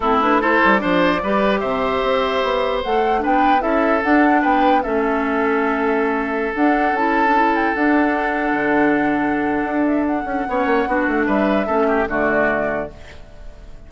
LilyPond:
<<
  \new Staff \with { instrumentName = "flute" } { \time 4/4 \tempo 4 = 149 a'8 b'8 c''4 d''2 | e''2. fis''4 | g''4 e''4 fis''4 g''4 | e''1~ |
e''16 fis''4 a''4. g''8 fis''8.~ | fis''1~ | fis''8 e''8 fis''2. | e''2 d''2 | }
  \new Staff \with { instrumentName = "oboe" } { \time 4/4 e'4 a'4 c''4 b'4 | c''1 | b'4 a'2 b'4 | a'1~ |
a'1~ | a'1~ | a'2 cis''4 fis'4 | b'4 a'8 g'8 fis'2 | }
  \new Staff \with { instrumentName = "clarinet" } { \time 4/4 c'8 d'8 e'4 d'4 g'4~ | g'2. a'4 | d'4 e'4 d'2 | cis'1~ |
cis'16 d'4 e'8. d'16 e'4 d'8.~ | d'1~ | d'2 cis'4 d'4~ | d'4 cis'4 a2 | }
  \new Staff \with { instrumentName = "bassoon" } { \time 4/4 a4. g8 f4 g4 | c4 c'4 b4 a4 | b4 cis'4 d'4 b4 | a1~ |
a16 d'4 cis'2 d'8.~ | d'4~ d'16 d2~ d8. | d'4. cis'8 b8 ais8 b8 a8 | g4 a4 d2 | }
>>